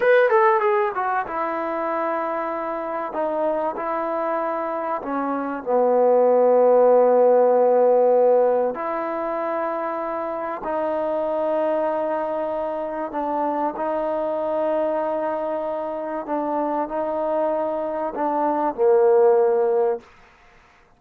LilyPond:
\new Staff \with { instrumentName = "trombone" } { \time 4/4 \tempo 4 = 96 b'8 a'8 gis'8 fis'8 e'2~ | e'4 dis'4 e'2 | cis'4 b2.~ | b2 e'2~ |
e'4 dis'2.~ | dis'4 d'4 dis'2~ | dis'2 d'4 dis'4~ | dis'4 d'4 ais2 | }